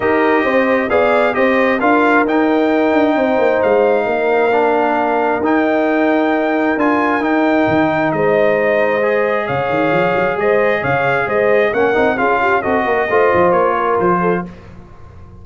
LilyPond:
<<
  \new Staff \with { instrumentName = "trumpet" } { \time 4/4 \tempo 4 = 133 dis''2 f''4 dis''4 | f''4 g''2. | f''1 | g''2. gis''4 |
g''2 dis''2~ | dis''4 f''2 dis''4 | f''4 dis''4 fis''4 f''4 | dis''2 cis''4 c''4 | }
  \new Staff \with { instrumentName = "horn" } { \time 4/4 ais'4 c''4 d''4 c''4 | ais'2. c''4~ | c''4 ais'2.~ | ais'1~ |
ais'2 c''2~ | c''4 cis''2 c''4 | cis''4 c''4 ais'4 gis'8 g'8 | a'8 ais'8 c''4. ais'4 a'8 | }
  \new Staff \with { instrumentName = "trombone" } { \time 4/4 g'2 gis'4 g'4 | f'4 dis'2.~ | dis'2 d'2 | dis'2. f'4 |
dis'1 | gis'1~ | gis'2 cis'8 dis'8 f'4 | fis'4 f'2. | }
  \new Staff \with { instrumentName = "tuba" } { \time 4/4 dis'4 c'4 b4 c'4 | d'4 dis'4. d'8 c'8 ais8 | gis4 ais2. | dis'2. d'4 |
dis'4 dis4 gis2~ | gis4 cis8 dis8 f8 fis8 gis4 | cis4 gis4 ais8 c'8 cis'4 | c'8 ais8 a8 f8 ais4 f4 | }
>>